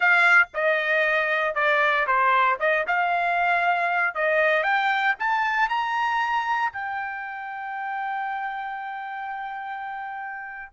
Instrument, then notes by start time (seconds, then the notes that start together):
trumpet
0.00 F5
0.54 D#5
1.54 D5
2.06 C5
2.59 D#5
2.87 F5
4.14 D#5
4.63 G5
5.19 A5
5.68 A#5
6.72 G5